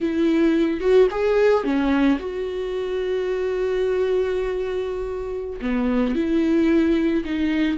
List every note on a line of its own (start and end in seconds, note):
0.00 0.80 E4
0.80 1.07 F#4
1.11 1.64 G#4
1.64 2.18 C#4
2.19 5.60 F#4
5.61 6.15 B3
6.15 7.24 E4
7.24 7.77 D#4